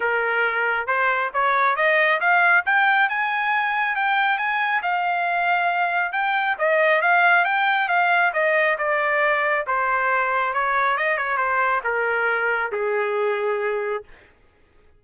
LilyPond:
\new Staff \with { instrumentName = "trumpet" } { \time 4/4 \tempo 4 = 137 ais'2 c''4 cis''4 | dis''4 f''4 g''4 gis''4~ | gis''4 g''4 gis''4 f''4~ | f''2 g''4 dis''4 |
f''4 g''4 f''4 dis''4 | d''2 c''2 | cis''4 dis''8 cis''8 c''4 ais'4~ | ais'4 gis'2. | }